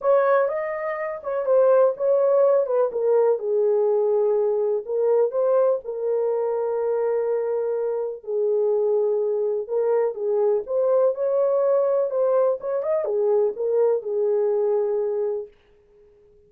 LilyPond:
\new Staff \with { instrumentName = "horn" } { \time 4/4 \tempo 4 = 124 cis''4 dis''4. cis''8 c''4 | cis''4. b'8 ais'4 gis'4~ | gis'2 ais'4 c''4 | ais'1~ |
ais'4 gis'2. | ais'4 gis'4 c''4 cis''4~ | cis''4 c''4 cis''8 dis''8 gis'4 | ais'4 gis'2. | }